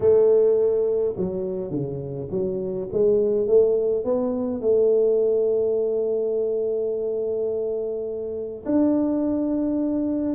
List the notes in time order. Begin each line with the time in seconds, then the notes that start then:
0.00 A3
1.16 F#3
1.70 C#3
2.31 F#3
2.92 G#3
3.47 A3
4.04 B3
4.60 A3
8.65 D4